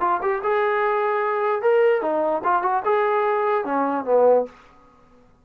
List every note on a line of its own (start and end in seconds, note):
0.00 0.20 F4
0.22 0.42 G4
0.43 1.62 G#4
1.62 2.01 A#4
2.01 2.42 D#4
2.43 2.62 F4
2.62 2.82 F#4
2.84 3.64 G#4
3.64 4.05 C#4
4.05 4.45 B3